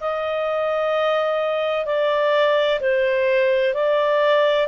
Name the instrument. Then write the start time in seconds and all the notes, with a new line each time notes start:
clarinet
0.00 D#5
1.85 D5
2.80 C5
3.74 D5